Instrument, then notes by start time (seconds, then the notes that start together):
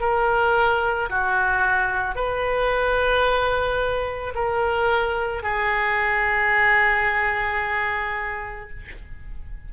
oboe
0.00 A#4
1.10 F#4
2.15 B4
4.35 A#4
5.43 G#4